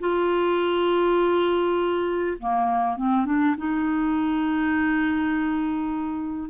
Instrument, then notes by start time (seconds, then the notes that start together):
clarinet
0.00 F4
2.39 A#3
2.97 C4
3.26 D4
3.58 D#4